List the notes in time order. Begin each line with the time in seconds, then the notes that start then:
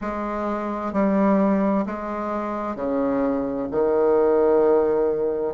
0.01 G#3
0.92 G3
1.85 G#3
2.75 C#3
3.71 D#3